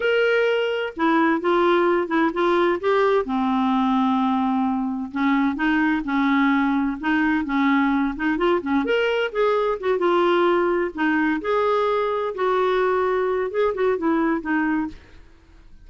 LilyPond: \new Staff \with { instrumentName = "clarinet" } { \time 4/4 \tempo 4 = 129 ais'2 e'4 f'4~ | f'8 e'8 f'4 g'4 c'4~ | c'2. cis'4 | dis'4 cis'2 dis'4 |
cis'4. dis'8 f'8 cis'8 ais'4 | gis'4 fis'8 f'2 dis'8~ | dis'8 gis'2 fis'4.~ | fis'4 gis'8 fis'8 e'4 dis'4 | }